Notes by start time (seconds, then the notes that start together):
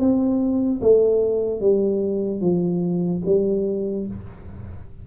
0.00 C4
0.81 A3
1.61 G3
2.41 F3
3.26 G3